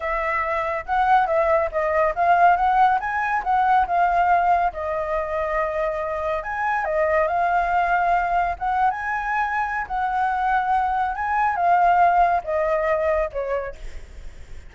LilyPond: \new Staff \with { instrumentName = "flute" } { \time 4/4 \tempo 4 = 140 e''2 fis''4 e''4 | dis''4 f''4 fis''4 gis''4 | fis''4 f''2 dis''4~ | dis''2. gis''4 |
dis''4 f''2. | fis''8. gis''2~ gis''16 fis''4~ | fis''2 gis''4 f''4~ | f''4 dis''2 cis''4 | }